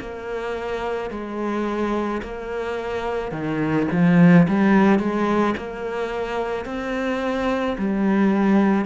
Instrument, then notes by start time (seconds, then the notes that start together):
cello
0.00 A#3
1.11 G#3
2.22 A#3
3.31 D#3
3.91 F3
4.47 G3
4.99 G#3
5.57 A#3
6.65 C4
7.78 G3